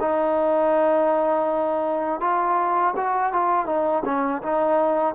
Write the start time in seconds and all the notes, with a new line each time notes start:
0.00 D#4
2.20 F4
2.96 F#4
3.33 F4
3.66 D#4
4.05 C#4
4.42 D#4